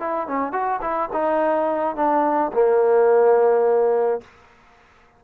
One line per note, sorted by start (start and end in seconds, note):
0.00 0.28 E4
0.28 0.53 C#4
0.53 0.81 F#4
0.82 1.10 E4
1.13 1.96 D#4
1.96 2.52 D4
2.53 4.21 A#3